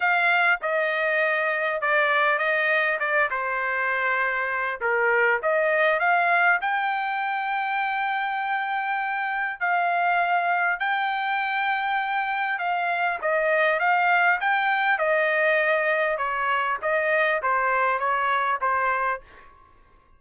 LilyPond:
\new Staff \with { instrumentName = "trumpet" } { \time 4/4 \tempo 4 = 100 f''4 dis''2 d''4 | dis''4 d''8 c''2~ c''8 | ais'4 dis''4 f''4 g''4~ | g''1 |
f''2 g''2~ | g''4 f''4 dis''4 f''4 | g''4 dis''2 cis''4 | dis''4 c''4 cis''4 c''4 | }